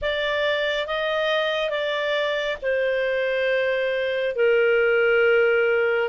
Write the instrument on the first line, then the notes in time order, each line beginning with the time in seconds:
clarinet
0.01 D5
0.87 D#5
1.70 D5
2.61 C5
4.35 A#4